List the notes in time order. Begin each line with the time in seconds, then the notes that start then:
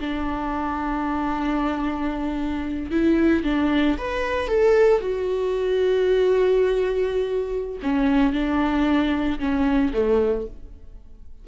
0.00 D4
2.91 E4
3.43 D4
3.97 B4
4.48 A4
5.00 F#4
7.82 C#4
8.32 D4
9.39 C#4
9.93 A3